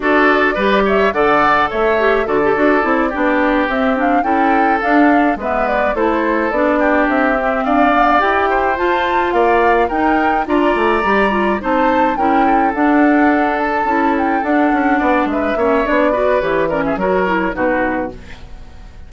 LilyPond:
<<
  \new Staff \with { instrumentName = "flute" } { \time 4/4 \tempo 4 = 106 d''4. e''8 fis''4 e''4 | d''2~ d''8 e''8 f''8 g''8~ | g''8 f''4 e''8 d''8 c''4 d''8~ | d''8 e''4 f''4 g''4 a''8~ |
a''8 f''4 g''4 ais''4.~ | ais''8 a''4 g''4 fis''4. | a''4 g''8 fis''4. e''4 | d''4 cis''8 d''16 e''16 cis''4 b'4 | }
  \new Staff \with { instrumentName = "oboe" } { \time 4/4 a'4 b'8 cis''8 d''4 cis''4 | a'4. g'2 a'8~ | a'4. b'4 a'4. | g'4. d''4. c''4~ |
c''8 d''4 ais'4 d''4.~ | d''8 c''4 ais'8 a'2~ | a'2~ a'8 d''8 b'8 cis''8~ | cis''8 b'4 ais'16 gis'16 ais'4 fis'4 | }
  \new Staff \with { instrumentName = "clarinet" } { \time 4/4 fis'4 g'4 a'4. g'8 | fis'16 g'16 fis'8 e'8 d'4 c'8 d'8 e'8~ | e'8 d'4 b4 e'4 d'8~ | d'4 c'4 b8 g'4 f'8~ |
f'4. dis'4 f'4 g'8 | f'8 dis'4 e'4 d'4.~ | d'8 e'4 d'2 cis'8 | d'8 fis'8 g'8 cis'8 fis'8 e'8 dis'4 | }
  \new Staff \with { instrumentName = "bassoon" } { \time 4/4 d'4 g4 d4 a4 | d8 d'8 c'8 b4 c'4 cis'8~ | cis'8 d'4 gis4 a4 b8~ | b8 c'4 d'4 e'4 f'8~ |
f'8 ais4 dis'4 d'8 a8 g8~ | g8 c'4 cis'4 d'4.~ | d'8 cis'4 d'8 cis'8 b8 gis8 ais8 | b4 e4 fis4 b,4 | }
>>